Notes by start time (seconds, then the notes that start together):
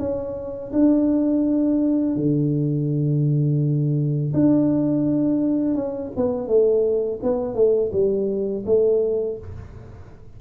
0.00 C#4
0.73 D4
2.16 D3
4.34 D4
5.75 C#4
6.16 B3
6.48 A3
7.23 B3
7.55 A3
7.93 G3
8.66 A3